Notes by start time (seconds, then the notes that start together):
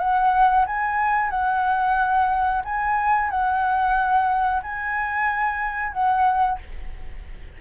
0.00 F#5
0.67 G#5
1.31 F#5
2.65 G#5
3.30 F#5
4.63 G#5
5.93 F#5